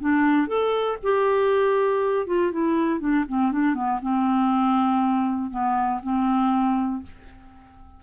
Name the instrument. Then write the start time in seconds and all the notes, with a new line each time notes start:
clarinet
0.00 D4
0.47 A4
1.02 G4
2.26 F4
2.52 E4
2.99 D4
3.28 C4
3.51 D4
3.74 B3
4.01 C4
5.50 B3
6.02 C4